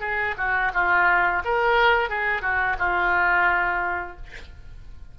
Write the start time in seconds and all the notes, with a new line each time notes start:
0.00 G#4
0.37 F#4
0.73 F4
1.44 A#4
2.09 G#4
2.42 F#4
2.78 F4